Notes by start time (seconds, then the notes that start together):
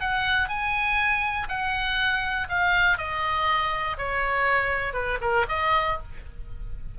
0.00 F#5
0.48 G#5
1.48 F#5
2.49 F5
2.98 D#5
3.98 C#5
4.93 B4
5.21 A#4
5.49 D#5